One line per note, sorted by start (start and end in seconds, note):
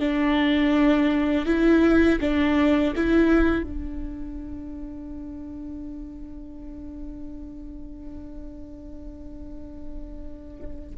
0.00 1.46 D4
1.46 2.20 E4
2.21 2.94 D4
2.96 3.64 E4
3.64 10.95 D4